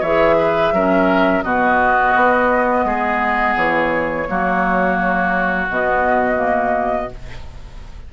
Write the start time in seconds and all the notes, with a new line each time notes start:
0.00 E3 G#4 C#5 E5
0.38 B4
0.72 F#3 C#4 A#4
1.42 B2 B3 F#4 D#5
2.15 B3
2.84 G#3 G#4
3.56 E3 C#5
4.28 F#3 A#3 F#4
5.69 B2 B3 D#5
6.35 A#3